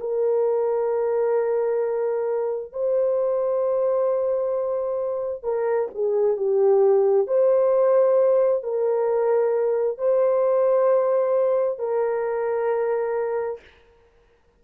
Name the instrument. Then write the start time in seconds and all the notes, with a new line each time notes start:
horn
0.00 A#4
2.73 C5
5.43 A#4
5.95 G#4
6.37 G4
7.27 C5
8.63 A#4
9.98 C5
11.79 A#4